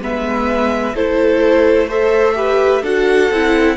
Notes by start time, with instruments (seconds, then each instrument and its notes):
0.00 cello G#3, viola B3, violin B4 E5
0.95 cello A3, viola E4, violin A4 C5
1.87 viola A4, violin C5 E5
2.35 viola G4, violin B4
2.82 cello D4, viola F#4, violin A4 F#5
3.30 cello C4, viola E4